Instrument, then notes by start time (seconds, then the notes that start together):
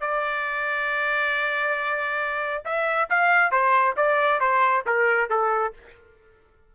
trumpet
0.00 D5
2.65 E5
3.10 F5
3.51 C5
3.96 D5
4.40 C5
4.86 A#4
5.29 A4